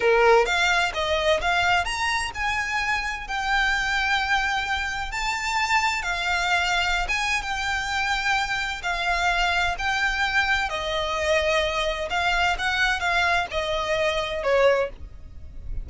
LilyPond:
\new Staff \with { instrumentName = "violin" } { \time 4/4 \tempo 4 = 129 ais'4 f''4 dis''4 f''4 | ais''4 gis''2 g''4~ | g''2. a''4~ | a''4 f''2~ f''16 gis''8. |
g''2. f''4~ | f''4 g''2 dis''4~ | dis''2 f''4 fis''4 | f''4 dis''2 cis''4 | }